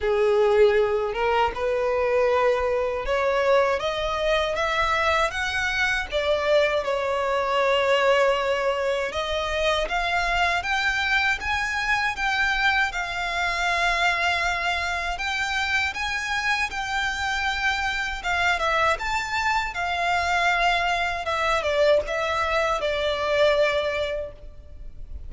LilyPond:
\new Staff \with { instrumentName = "violin" } { \time 4/4 \tempo 4 = 79 gis'4. ais'8 b'2 | cis''4 dis''4 e''4 fis''4 | d''4 cis''2. | dis''4 f''4 g''4 gis''4 |
g''4 f''2. | g''4 gis''4 g''2 | f''8 e''8 a''4 f''2 | e''8 d''8 e''4 d''2 | }